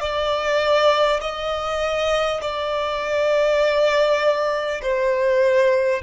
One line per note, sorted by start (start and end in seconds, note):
0.00 1.20 D5
1.21 2.41 D#5
2.41 4.81 D5
4.82 6.02 C5